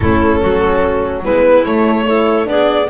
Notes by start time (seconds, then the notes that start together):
0.00 A3 C#4 E4 A4
0.40 F#3 F#4
1.22 G#3 B3 E4 B4
1.65 A3 C#5
2.06 E4 A4
2.44 B3 D4 G#4 D5